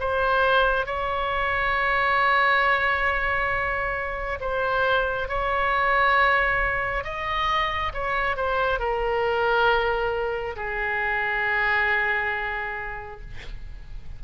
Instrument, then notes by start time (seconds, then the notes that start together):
oboe
0.00 C5
0.87 C#5
4.41 C5
5.29 C#5
7.05 D#5
7.94 C#5
8.37 C5
8.80 A#4
10.56 G#4